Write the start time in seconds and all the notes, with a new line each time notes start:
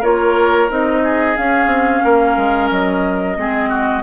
0.00 A#3 F4 A#4 C#5
0.69 C4 D#4 D#5
1.03 G#4
1.36 C#4 F5
1.66 C4
2.04 A#3 A#4
2.37 G#3
2.70 F#3 D#5
3.36 G#3 C4 G#4
3.69 F#4